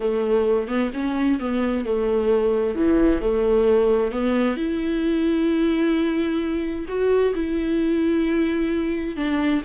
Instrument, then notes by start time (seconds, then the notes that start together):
viola
0.00 A3
0.68 B3
0.93 C#4
1.39 B3
1.85 A3
2.75 E3
3.21 A3
4.11 B3
4.57 E4
6.87 F#4
7.34 E4
9.16 D4